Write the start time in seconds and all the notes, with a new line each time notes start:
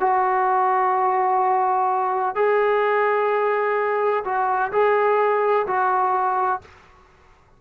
0.00 F#4
2.35 G#4
4.25 F#4
4.72 G#4
5.67 F#4